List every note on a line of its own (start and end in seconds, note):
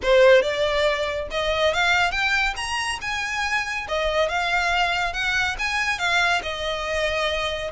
0.02 0.42 C5
0.42 1.27 D5
1.30 1.73 D#5
1.73 2.11 F5
2.11 2.54 G5
2.56 2.99 A#5
3.01 3.87 G#5
3.88 4.28 D#5
4.28 5.13 F5
5.13 5.56 F#5
5.59 5.98 G#5
5.98 6.41 F5
6.42 7.71 D#5